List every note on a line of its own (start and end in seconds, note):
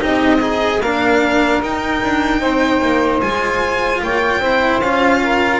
0.00 0.80 C4
0.00 0.40 D#4
0.00 0.38 G4
0.00 0.82 D#5
0.38 0.78 D#4
0.38 0.81 G#4
0.80 1.60 A#3
0.80 1.63 D4
0.80 2.41 A#4
0.80 1.62 F5
1.62 2.02 D#4
1.62 3.22 D#4
1.62 3.21 G5
2.03 2.41 D4
2.41 2.81 C4
2.41 4.01 C5
2.82 3.22 A#3
3.21 4.03 G#3
3.21 4.42 F4
3.21 4.01 G#5
4.03 4.40 A#3
4.03 4.41 C#5
4.03 4.81 G5
4.40 4.80 C4
4.40 4.82 E4
4.40 5.21 C5
4.80 5.60 C#4
4.80 5.60 F4
4.80 5.60 F5
5.23 5.60 A#4